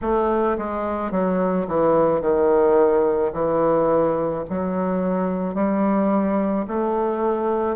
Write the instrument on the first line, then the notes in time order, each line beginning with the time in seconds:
bassoon
0.01 A3
0.58 G#3
1.11 F#3
1.67 E3
2.21 D#3
3.32 E3
4.49 F#3
5.54 G3
6.67 A3